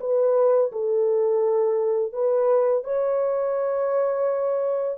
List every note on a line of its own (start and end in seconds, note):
0.00 0.71 B4
0.72 2.13 A4
2.13 2.84 B4
2.84 4.98 C#5